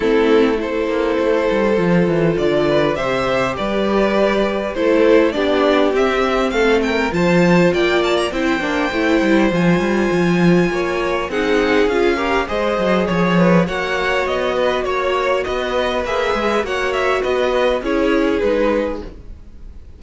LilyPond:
<<
  \new Staff \with { instrumentName = "violin" } { \time 4/4 \tempo 4 = 101 a'4 c''2. | d''4 e''4 d''2 | c''4 d''4 e''4 f''8 g''8 | a''4 g''8 a''16 ais''16 g''2 |
gis''2. fis''4 | f''4 dis''4 cis''4 fis''4 | dis''4 cis''4 dis''4 e''4 | fis''8 e''8 dis''4 cis''4 b'4 | }
  \new Staff \with { instrumentName = "violin" } { \time 4/4 e'4 a'2.~ | a'8 b'8 c''4 b'2 | a'4 g'2 a'8 ais'8 | c''4 d''4 c''2~ |
c''2 cis''4 gis'4~ | gis'8 ais'8 c''4 cis''8 b'8 cis''4~ | cis''8 b'8 cis''4 b'2 | cis''4 b'4 gis'2 | }
  \new Staff \with { instrumentName = "viola" } { \time 4/4 c'4 e'2 f'4~ | f'4 g'2. | e'4 d'4 c'2 | f'2 e'8 d'8 e'4 |
f'2. dis'4 | f'8 g'8 gis'2 fis'4~ | fis'2. gis'4 | fis'2 e'4 dis'4 | }
  \new Staff \with { instrumentName = "cello" } { \time 4/4 a4. ais8 a8 g8 f8 e8 | d4 c4 g2 | a4 b4 c'4 a4 | f4 ais4 c'8 ais8 a8 g8 |
f8 g8 f4 ais4 c'4 | cis'4 gis8 fis8 f4 ais4 | b4 ais4 b4 ais8 gis8 | ais4 b4 cis'4 gis4 | }
>>